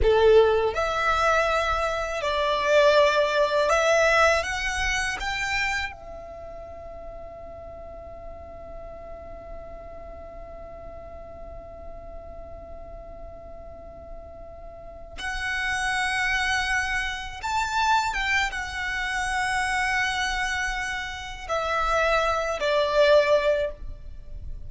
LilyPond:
\new Staff \with { instrumentName = "violin" } { \time 4/4 \tempo 4 = 81 a'4 e''2 d''4~ | d''4 e''4 fis''4 g''4 | e''1~ | e''1~ |
e''1~ | e''8 fis''2. a''8~ | a''8 g''8 fis''2.~ | fis''4 e''4. d''4. | }